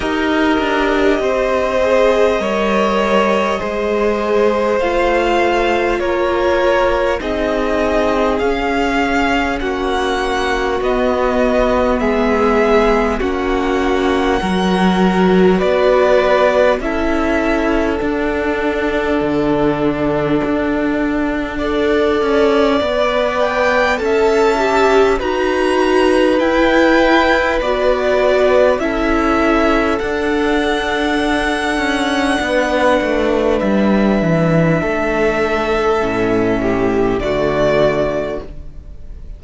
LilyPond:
<<
  \new Staff \with { instrumentName = "violin" } { \time 4/4 \tempo 4 = 50 dis''1 | f''4 cis''4 dis''4 f''4 | fis''4 dis''4 e''4 fis''4~ | fis''4 d''4 e''4 fis''4~ |
fis''2.~ fis''8 g''8 | a''4 ais''4 g''4 d''4 | e''4 fis''2. | e''2. d''4 | }
  \new Staff \with { instrumentName = "violin" } { \time 4/4 ais'4 c''4 cis''4 c''4~ | c''4 ais'4 gis'2 | fis'2 gis'4 fis'4 | ais'4 b'4 a'2~ |
a'2 d''2 | e''4 b'2. | a'2. b'4~ | b'4 a'4. g'8 fis'4 | }
  \new Staff \with { instrumentName = "viola" } { \time 4/4 g'4. gis'8 ais'4 gis'4 | f'2 dis'4 cis'4~ | cis'4 b2 cis'4 | fis'2 e'4 d'4~ |
d'2 a'4 b'4 | a'8 g'8 fis'4 e'4 fis'4 | e'4 d'2.~ | d'2 cis'4 a4 | }
  \new Staff \with { instrumentName = "cello" } { \time 4/4 dis'8 d'8 c'4 g4 gis4 | a4 ais4 c'4 cis'4 | ais4 b4 gis4 ais4 | fis4 b4 cis'4 d'4 |
d4 d'4. cis'8 b4 | cis'4 dis'4 e'4 b4 | cis'4 d'4. cis'8 b8 a8 | g8 e8 a4 a,4 d4 | }
>>